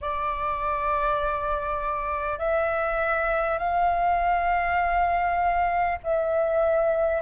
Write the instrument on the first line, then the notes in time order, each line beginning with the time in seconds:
flute
0.01 D5
2.38 E5
3.58 F5
6.03 E5